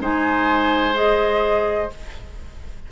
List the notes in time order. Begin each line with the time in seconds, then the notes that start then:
0.00 G#3 D#4 C5 G#5
0.94 G#4 D#5